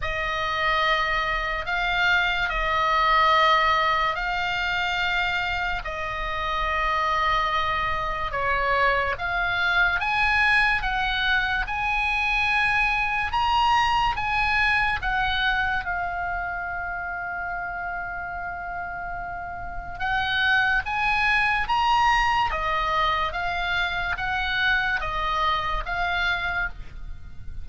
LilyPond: \new Staff \with { instrumentName = "oboe" } { \time 4/4 \tempo 4 = 72 dis''2 f''4 dis''4~ | dis''4 f''2 dis''4~ | dis''2 cis''4 f''4 | gis''4 fis''4 gis''2 |
ais''4 gis''4 fis''4 f''4~ | f''1 | fis''4 gis''4 ais''4 dis''4 | f''4 fis''4 dis''4 f''4 | }